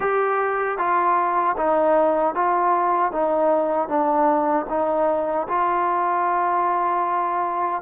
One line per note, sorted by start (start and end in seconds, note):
0.00 0.78 G4
0.78 1.55 F4
1.57 2.34 D#4
2.34 3.12 F4
3.12 3.88 D#4
3.88 4.66 D4
4.69 5.47 D#4
5.48 7.82 F4